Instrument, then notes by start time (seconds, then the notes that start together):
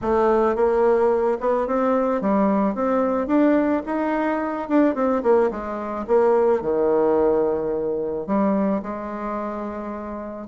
bassoon
0.01 A3
0.55 A#3
1.40 B3
1.67 C4
2.21 G3
2.74 C4
3.27 D4
3.86 D#4
4.68 D4
4.94 C4
5.23 A#3
5.50 G#3
6.07 A#3
6.61 D#3
8.26 G3
8.82 G#3